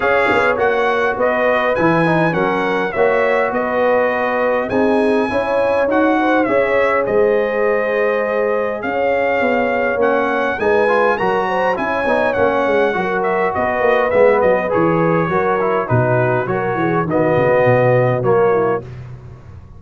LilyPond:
<<
  \new Staff \with { instrumentName = "trumpet" } { \time 4/4 \tempo 4 = 102 f''4 fis''4 dis''4 gis''4 | fis''4 e''4 dis''2 | gis''2 fis''4 e''4 | dis''2. f''4~ |
f''4 fis''4 gis''4 ais''4 | gis''4 fis''4. e''8 dis''4 | e''8 dis''8 cis''2 b'4 | cis''4 dis''2 cis''4 | }
  \new Staff \with { instrumentName = "horn" } { \time 4/4 cis''2 b'2 | ais'4 cis''4 b'2 | gis'4 cis''4. c''8 cis''4 | c''2. cis''4~ |
cis''2 b'4 ais'8 c''8 | cis''2 ais'4 b'4~ | b'2 ais'4 fis'4 | ais'8 gis'8 fis'2~ fis'8 e'8 | }
  \new Staff \with { instrumentName = "trombone" } { \time 4/4 gis'4 fis'2 e'8 dis'8 | cis'4 fis'2. | dis'4 e'4 fis'4 gis'4~ | gis'1~ |
gis'4 cis'4 dis'8 f'8 fis'4 | e'8 dis'8 cis'4 fis'2 | b4 gis'4 fis'8 e'8 dis'4 | fis'4 b2 ais4 | }
  \new Staff \with { instrumentName = "tuba" } { \time 4/4 cis'8 b8 ais4 b4 e4 | fis4 ais4 b2 | c'4 cis'4 dis'4 cis'4 | gis2. cis'4 |
b4 ais4 gis4 fis4 | cis'8 b8 ais8 gis8 fis4 b8 ais8 | gis8 fis8 e4 fis4 b,4 | fis8 e8 dis8 cis8 b,4 fis4 | }
>>